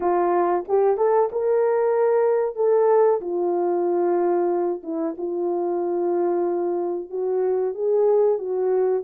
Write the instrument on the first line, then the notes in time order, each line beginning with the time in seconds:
horn
0.00 F4
0.68 G4
0.97 A4
1.31 A#4
2.55 A4
3.20 F4
4.83 E4
5.17 F4
7.10 F#4
7.74 G#4
8.38 F#4